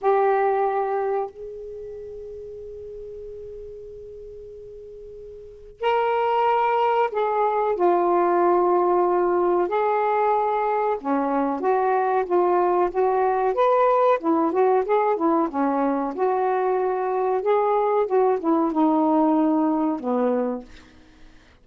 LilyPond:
\new Staff \with { instrumentName = "saxophone" } { \time 4/4 \tempo 4 = 93 g'2 gis'2~ | gis'1~ | gis'4 ais'2 gis'4 | f'2. gis'4~ |
gis'4 cis'4 fis'4 f'4 | fis'4 b'4 e'8 fis'8 gis'8 e'8 | cis'4 fis'2 gis'4 | fis'8 e'8 dis'2 b4 | }